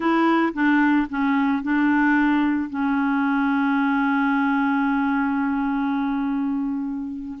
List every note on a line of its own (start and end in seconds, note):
0.00 0.52 E4
0.53 1.07 D4
1.09 1.62 C#4
1.62 2.69 D4
2.69 7.38 C#4